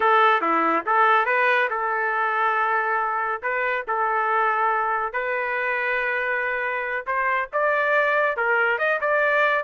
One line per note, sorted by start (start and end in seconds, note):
0.00 0.41 A4
0.41 0.84 E4
0.86 1.25 A4
1.25 1.68 B4
1.70 3.41 A4
3.42 3.85 B4
3.87 5.12 A4
5.12 7.05 B4
7.06 7.49 C5
7.53 8.36 D5
8.36 8.78 A#4
8.78 8.99 D#5
9.00 9.64 D5